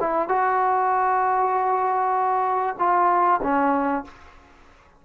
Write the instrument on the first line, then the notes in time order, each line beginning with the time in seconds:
trombone
0.00 E4
0.28 F#4
2.79 F4
3.43 C#4